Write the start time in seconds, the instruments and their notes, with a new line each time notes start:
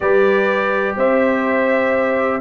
0.00 tuba G3, trombone G4, horn B4, trumpet D5
0.96 tuba C4, horn C5, trumpet E5